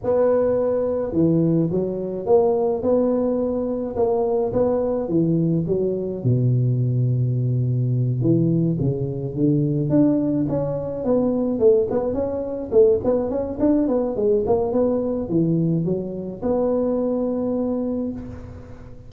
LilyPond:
\new Staff \with { instrumentName = "tuba" } { \time 4/4 \tempo 4 = 106 b2 e4 fis4 | ais4 b2 ais4 | b4 e4 fis4 b,4~ | b,2~ b,8 e4 cis8~ |
cis8 d4 d'4 cis'4 b8~ | b8 a8 b8 cis'4 a8 b8 cis'8 | d'8 b8 gis8 ais8 b4 e4 | fis4 b2. | }